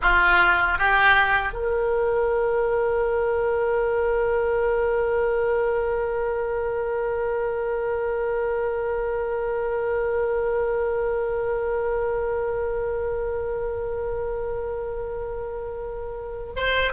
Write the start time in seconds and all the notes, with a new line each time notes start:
0.01 F4
0.78 G4
1.52 A#4
16.56 C5